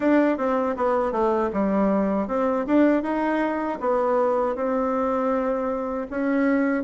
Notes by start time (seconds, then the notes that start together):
0.00 D4
0.37 C4
0.76 B3
1.12 A3
1.52 G3
2.27 C4
2.66 D4
3.02 D#4
3.80 B3
4.55 C4
6.10 C#4